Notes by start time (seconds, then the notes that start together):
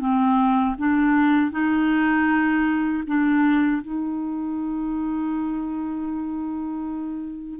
0.00 C4
0.78 D4
1.52 D#4
3.07 D4
3.82 D#4